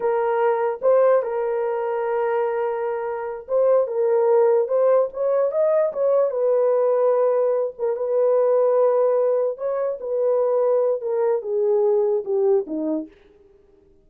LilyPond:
\new Staff \with { instrumentName = "horn" } { \time 4/4 \tempo 4 = 147 ais'2 c''4 ais'4~ | ais'1~ | ais'8 c''4 ais'2 c''8~ | c''8 cis''4 dis''4 cis''4 b'8~ |
b'2. ais'8 b'8~ | b'2.~ b'8 cis''8~ | cis''8 b'2~ b'8 ais'4 | gis'2 g'4 dis'4 | }